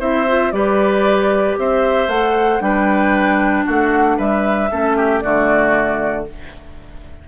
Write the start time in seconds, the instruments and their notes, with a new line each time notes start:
0.00 bassoon C4, clarinet E4, oboe C5, flute E5
0.28 clarinet F4
0.52 bassoon G3, clarinet G4, oboe B4, flute D5
1.58 bassoon C4, oboe C5, flute E5
2.08 bassoon A3, clarinet A4, flute F#5
2.60 bassoon G3, clarinet D4, oboe B4, flute G5
3.65 bassoon A3, oboe F#4, flute F#5
4.17 bassoon G3, oboe B4, flute E5
4.70 bassoon A3, clarinet C#4, oboe A4
4.97 oboe G4
5.20 bassoon D3, clarinet A3, oboe F#4, flute D5